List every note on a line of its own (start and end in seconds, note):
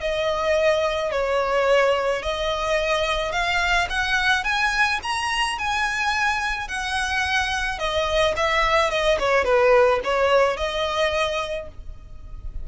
0.00 1.11 D#5
1.11 2.22 C#5
2.22 3.32 D#5
3.32 3.87 F5
3.89 4.44 F#5
4.44 4.99 G#5
5.03 5.58 A#5
5.58 6.68 G#5
6.68 7.79 F#5
7.79 8.34 D#5
8.36 8.90 E5
8.90 9.18 D#5
9.19 9.44 C#5
9.44 10.00 B4
10.04 10.57 C#5
10.57 11.68 D#5